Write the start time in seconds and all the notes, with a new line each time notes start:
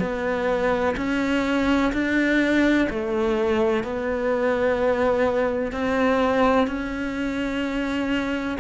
0.00 B3
0.97 C#4
1.93 D4
2.90 A3
3.84 B3
5.72 C4
6.67 C#4